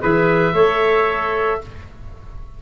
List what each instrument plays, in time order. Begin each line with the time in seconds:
0.00 tuba E3, clarinet G#4, trumpet B4, oboe E5
0.54 tuba A3, clarinet A4, trumpet C#5